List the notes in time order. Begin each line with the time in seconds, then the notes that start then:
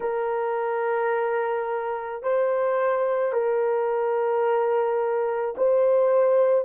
0.00 A#4
2.22 C5
3.32 A#4
5.57 C5